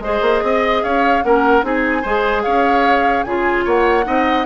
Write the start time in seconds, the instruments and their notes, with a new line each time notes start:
0.00 bassoon G#3, clarinet G#4, oboe C5, flute D#5
0.21 bassoon A#3
0.42 bassoon C4, oboe D#5
0.83 bassoon C#4, oboe C#5, flute F5
1.23 bassoon A#3, clarinet C#4, oboe A#4, flute F#5
1.62 bassoon C4, clarinet D#4, oboe G#4, flute G#5
2.02 bassoon G#3, clarinet G#4, oboe C5
2.43 bassoon C#4, oboe C#5, flute F5
3.23 bassoon C#3, clarinet F4, oboe G#4, flute G#5
3.64 bassoon A#3, oboe C#5, flute F#5
4.04 bassoon C4, clarinet D#4, oboe D#5